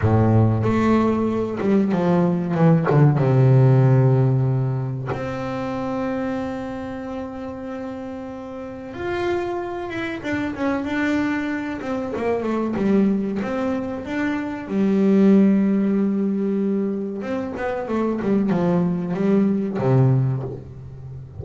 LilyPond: \new Staff \with { instrumentName = "double bass" } { \time 4/4 \tempo 4 = 94 a,4 a4. g8 f4 | e8 d8 c2. | c'1~ | c'2 f'4. e'8 |
d'8 cis'8 d'4. c'8 ais8 a8 | g4 c'4 d'4 g4~ | g2. c'8 b8 | a8 g8 f4 g4 c4 | }